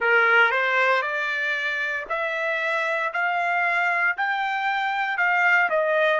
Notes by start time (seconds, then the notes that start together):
0.00 A#4
0.51 C5
1.02 D5
2.09 E5
3.13 F5
4.17 G5
5.17 F5
5.69 D#5